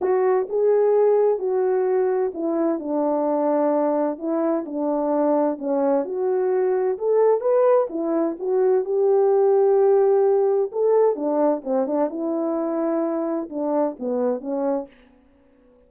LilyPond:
\new Staff \with { instrumentName = "horn" } { \time 4/4 \tempo 4 = 129 fis'4 gis'2 fis'4~ | fis'4 e'4 d'2~ | d'4 e'4 d'2 | cis'4 fis'2 a'4 |
b'4 e'4 fis'4 g'4~ | g'2. a'4 | d'4 c'8 d'8 e'2~ | e'4 d'4 b4 cis'4 | }